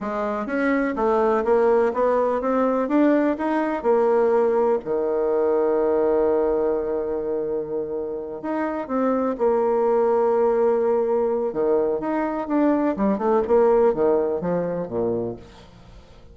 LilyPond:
\new Staff \with { instrumentName = "bassoon" } { \time 4/4 \tempo 4 = 125 gis4 cis'4 a4 ais4 | b4 c'4 d'4 dis'4 | ais2 dis2~ | dis1~ |
dis4. dis'4 c'4 ais8~ | ais1 | dis4 dis'4 d'4 g8 a8 | ais4 dis4 f4 ais,4 | }